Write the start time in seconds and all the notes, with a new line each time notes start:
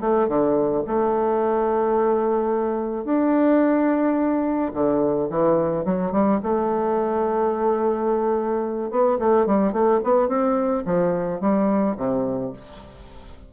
0.00 A3
0.28 D3
0.87 A3
3.05 D4
4.73 D3
5.30 E3
5.85 F#3
6.12 G3
6.43 A3
8.90 B3
9.19 A3
9.46 G3
9.72 A3
10.04 B3
10.28 C4
10.85 F3
11.41 G3
11.97 C3